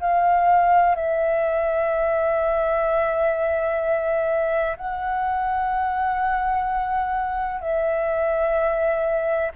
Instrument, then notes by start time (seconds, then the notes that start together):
flute
0.00 F5
0.96 E5
4.77 F#5
7.61 E5